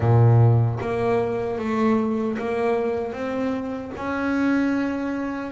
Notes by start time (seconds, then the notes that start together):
0.00 A#2
0.80 A#3
1.58 A3
2.38 A#3
3.12 C4
3.97 C#4